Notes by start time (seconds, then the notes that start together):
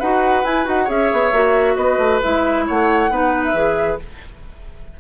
0.00 D#4 F#4 B4 F#5
0.44 E4 G#5
0.65 D#4 F#4 F#5
0.85 C#4 G#4 C#5 E5
1.13 B3
1.33 A#3 F#4
1.76 B3 B4 D#5
1.98 A3
2.23 G#3 E4 E5
2.67 A3 C#5 F#5
3.10 B3 D#4 B4
3.44 E5
3.54 E3 G#4